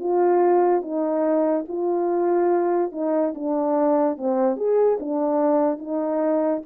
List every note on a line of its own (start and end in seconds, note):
0.00 0.82 F4
0.82 1.66 D#4
1.68 2.92 F4
2.92 3.34 D#4
3.35 4.18 D4
4.18 4.57 C4
4.57 4.98 G#4
5.00 5.79 D4
5.79 6.62 D#4